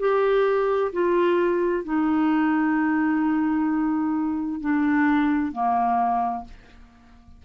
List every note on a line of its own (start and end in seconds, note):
0.00 0.92 G4
0.93 1.85 F4
1.85 4.61 D#4
4.61 5.53 D4
5.53 6.45 A#3